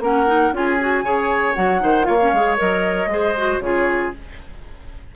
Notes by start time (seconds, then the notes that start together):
0.00 A#3 C#4 A#4 F#5
0.27 D#4
0.52 C#4 F4 G#4 G#5
0.80 F#4
1.03 C#3 G#4 C#5
1.55 F#3 F#4 F#5
1.79 D#3 D#4 C5
2.04 A#3 F4 C#5 F5
2.22 C#4
2.33 G#3 G#4
2.58 F#3 A#4 D#5
3.06 G#3 G#4
3.12 C5
3.37 F#4
3.60 C#3 F4 G#4 C#5